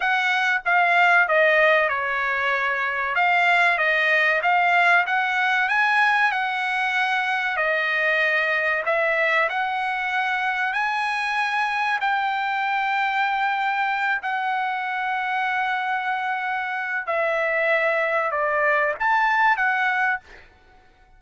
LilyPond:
\new Staff \with { instrumentName = "trumpet" } { \time 4/4 \tempo 4 = 95 fis''4 f''4 dis''4 cis''4~ | cis''4 f''4 dis''4 f''4 | fis''4 gis''4 fis''2 | dis''2 e''4 fis''4~ |
fis''4 gis''2 g''4~ | g''2~ g''8 fis''4.~ | fis''2. e''4~ | e''4 d''4 a''4 fis''4 | }